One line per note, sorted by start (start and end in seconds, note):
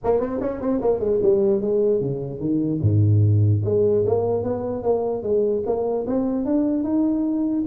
0.04 0.20 A#3
0.20 0.40 C4
0.40 0.60 C#4
0.60 0.81 C4
0.81 0.99 A#3
0.99 1.19 G#3
1.22 1.61 G3
1.61 2.00 G#3
2.00 2.39 C#3
2.39 2.80 D#3
2.81 3.61 G#2
3.64 4.05 G#3
4.05 4.43 A#3
4.43 4.82 B3
4.82 5.23 A#3
5.23 5.63 G#3
5.65 6.06 A#3
6.06 6.45 C4
6.45 6.83 D4
6.83 7.64 D#4